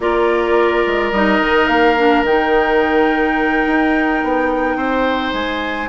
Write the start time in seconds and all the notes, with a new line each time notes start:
0.00 A#3 F4 A#4 D5
0.86 G#3
1.11 G3 D#4 D#5
1.40 D#3
1.67 A#3 F5
1.97 D4
2.22 D#3 D#4 G5
3.66 D#4
4.23 B3
4.75 C4 C5
5.33 G#3 G#5